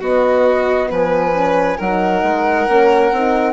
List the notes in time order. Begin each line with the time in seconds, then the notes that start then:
0.00 B3 F#4 D#5
0.90 F3 B4 G#5
1.33 C#4
1.77 F#3 D#4 A#4 F#5
2.23 G#3
2.68 A#3 C#4
3.11 C4 D#4